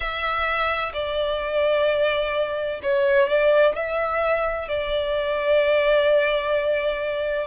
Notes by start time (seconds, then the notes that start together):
0.00 E5
0.93 D5
2.82 C#5
3.29 D5
3.75 E5
4.68 D5